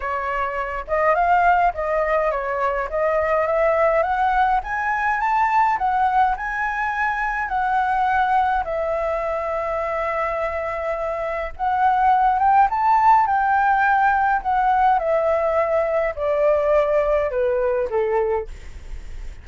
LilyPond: \new Staff \with { instrumentName = "flute" } { \time 4/4 \tempo 4 = 104 cis''4. dis''8 f''4 dis''4 | cis''4 dis''4 e''4 fis''4 | gis''4 a''4 fis''4 gis''4~ | gis''4 fis''2 e''4~ |
e''1 | fis''4. g''8 a''4 g''4~ | g''4 fis''4 e''2 | d''2 b'4 a'4 | }